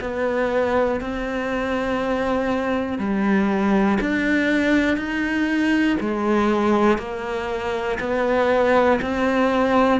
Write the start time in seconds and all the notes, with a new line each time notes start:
0.00 B3
1.00 C4
2.98 G3
4.00 D4
4.97 D#4
6.00 G#3
6.98 A#3
8.00 B3
9.01 C4